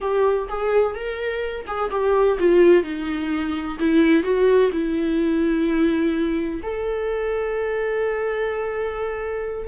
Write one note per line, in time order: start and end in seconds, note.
0.00 0.47 G4
0.49 0.94 G#4
0.94 1.65 A#4
1.67 1.90 G#4
1.90 2.38 G4
2.39 2.83 F4
2.83 3.77 D#4
3.79 4.23 E4
4.23 4.70 F#4
4.72 6.61 E4
6.62 9.68 A4